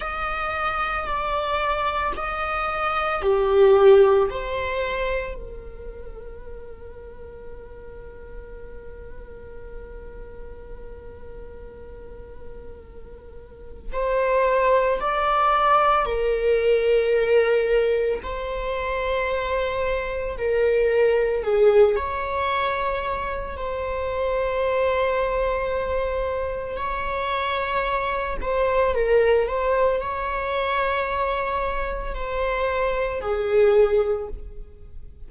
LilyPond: \new Staff \with { instrumentName = "viola" } { \time 4/4 \tempo 4 = 56 dis''4 d''4 dis''4 g'4 | c''4 ais'2.~ | ais'1~ | ais'4 c''4 d''4 ais'4~ |
ais'4 c''2 ais'4 | gis'8 cis''4. c''2~ | c''4 cis''4. c''8 ais'8 c''8 | cis''2 c''4 gis'4 | }